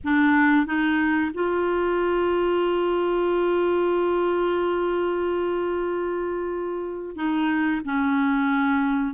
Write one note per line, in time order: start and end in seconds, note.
0.04 0.66 D4
0.66 1.31 D#4
1.33 7.16 F4
7.16 7.81 D#4
7.84 9.14 C#4